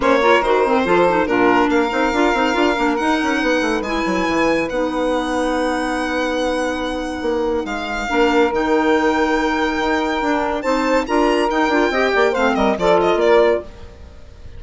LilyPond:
<<
  \new Staff \with { instrumentName = "violin" } { \time 4/4 \tempo 4 = 141 cis''4 c''2 ais'4 | f''2. fis''4~ | fis''4 gis''2 fis''4~ | fis''1~ |
fis''2 f''2 | g''1~ | g''4 a''4 ais''4 g''4~ | g''4 f''8 dis''8 d''8 dis''8 d''4 | }
  \new Staff \with { instrumentName = "saxophone" } { \time 4/4 c''8 ais'4. a'4 f'4 | ais'1 | b'1~ | b'1~ |
b'2. ais'4~ | ais'1~ | ais'4 c''4 ais'2 | dis''8 d''8 c''8 ais'8 a'4 ais'4 | }
  \new Staff \with { instrumentName = "clarinet" } { \time 4/4 cis'8 f'8 fis'8 c'8 f'8 dis'8 d'4~ | d'8 dis'8 f'8 dis'8 f'8 d'8 dis'4~ | dis'4 e'2 dis'4~ | dis'1~ |
dis'2. d'4 | dis'1 | d'4 dis'4 f'4 dis'8 f'8 | g'4 c'4 f'2 | }
  \new Staff \with { instrumentName = "bassoon" } { \time 4/4 ais4 dis4 f4 ais,4 | ais8 c'8 d'8 c'8 d'8 ais8 dis'8 cis'8 | b8 a8 gis8 fis8 e4 b4~ | b1~ |
b4 ais4 gis4 ais4 | dis2. dis'4 | d'4 c'4 d'4 dis'8 d'8 | c'8 ais8 a8 g8 f4 ais4 | }
>>